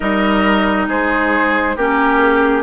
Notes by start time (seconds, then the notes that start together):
0.00 G3 D#4 A#4 D#5
0.87 G#3 G#4 C5
1.76 A#3 C#4 G4 A#4
2.19 G#4